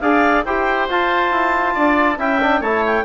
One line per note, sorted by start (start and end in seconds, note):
0.00 0.45 D4
0.00 0.45 G#4
0.00 0.45 D5
0.00 0.43 F5
0.44 0.89 E4
0.44 0.89 G4
0.44 1.74 C5
0.44 0.88 G5
0.89 1.31 F4
0.89 2.18 F4
0.89 2.19 A5
1.31 1.74 E4
1.74 2.17 D4
1.74 2.18 D5
2.17 2.60 C#4
2.17 2.40 E4
2.17 2.60 E5
2.17 2.62 G5
2.41 2.63 D4
2.60 3.04 A3
2.60 3.05 E4
2.60 3.04 C#5
2.60 2.83 A5
2.86 3.05 G5